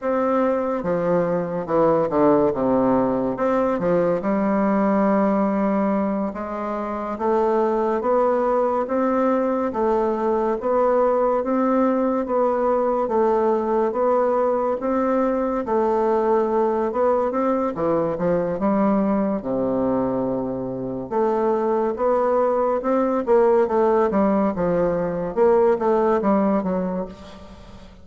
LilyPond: \new Staff \with { instrumentName = "bassoon" } { \time 4/4 \tempo 4 = 71 c'4 f4 e8 d8 c4 | c'8 f8 g2~ g8 gis8~ | gis8 a4 b4 c'4 a8~ | a8 b4 c'4 b4 a8~ |
a8 b4 c'4 a4. | b8 c'8 e8 f8 g4 c4~ | c4 a4 b4 c'8 ais8 | a8 g8 f4 ais8 a8 g8 fis8 | }